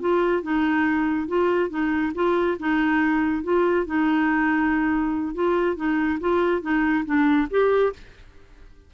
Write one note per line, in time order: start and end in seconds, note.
0.00 0.42 F4
0.42 1.28 D#4
1.28 1.70 F4
1.70 2.13 D#4
2.15 2.58 F4
2.59 3.43 D#4
3.43 3.86 F4
3.86 5.35 D#4
5.35 5.76 F4
5.76 6.19 D#4
6.20 6.62 F4
6.62 7.04 D#4
7.05 7.48 D4
7.50 7.93 G4